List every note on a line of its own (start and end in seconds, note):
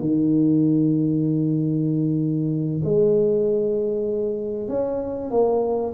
0.00 2.81 D#3
2.84 4.68 G#3
4.68 5.30 C#4
5.30 5.93 A#3